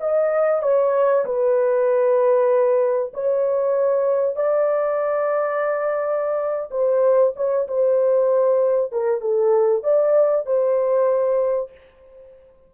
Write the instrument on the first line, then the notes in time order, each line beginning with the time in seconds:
horn
0.00 D#5
0.62 C#5
1.25 B4
3.14 C#5
4.36 D5
6.71 C5
7.36 C#5
7.68 C5
8.92 A#4
9.21 A4
9.83 D5
10.46 C5